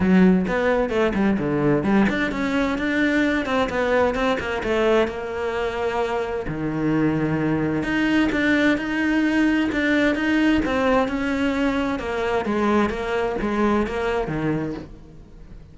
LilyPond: \new Staff \with { instrumentName = "cello" } { \time 4/4 \tempo 4 = 130 fis4 b4 a8 g8 d4 | g8 d'8 cis'4 d'4. c'8 | b4 c'8 ais8 a4 ais4~ | ais2 dis2~ |
dis4 dis'4 d'4 dis'4~ | dis'4 d'4 dis'4 c'4 | cis'2 ais4 gis4 | ais4 gis4 ais4 dis4 | }